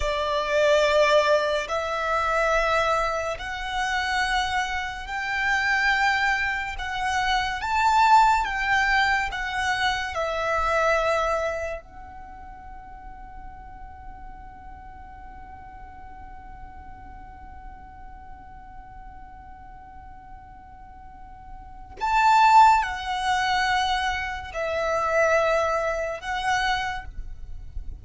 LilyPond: \new Staff \with { instrumentName = "violin" } { \time 4/4 \tempo 4 = 71 d''2 e''2 | fis''2 g''2 | fis''4 a''4 g''4 fis''4 | e''2 fis''2~ |
fis''1~ | fis''1~ | fis''2 a''4 fis''4~ | fis''4 e''2 fis''4 | }